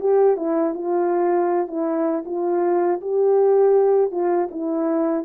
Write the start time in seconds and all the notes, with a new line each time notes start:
0.00 G4
0.36 E4
0.74 F4
1.67 E4
2.25 F4
3.01 G4
4.11 F4
4.51 E4